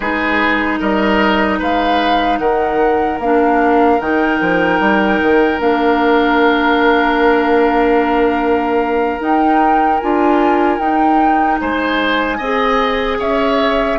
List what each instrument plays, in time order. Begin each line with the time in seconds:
0.00 bassoon G#3, clarinet D#4, oboe G#4, flute B4
0.79 bassoon G3, oboe A#4, flute D#5
1.59 bassoon G#3, oboe B4, flute F5
2.38 bassoon D#3, oboe A#4, flute F#5
3.19 bassoon A#3, clarinet D4, flute F5
4.00 bassoon D#3, clarinet D#4, flute G5
4.40 bassoon F3
4.80 bassoon G3
5.22 bassoon D#3
5.58 bassoon A#3, clarinet D4, flute F5
9.19 clarinet D#4, bassoon D#4, flute G5
9.99 bassoon D4, clarinet F4, flute G#5
10.78 bassoon D#4, clarinet D#4, flute G5
11.60 bassoon G#3, oboe C5, flute G#5
12.37 bassoon C4, clarinet G#4, oboe D#5
13.19 bassoon C#4, oboe C#5, flute E5